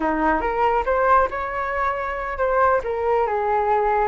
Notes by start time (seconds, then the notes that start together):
0.00 D#4
0.41 A#4
0.85 C5
1.30 C#5
2.38 C5
2.83 A#4
3.26 G#4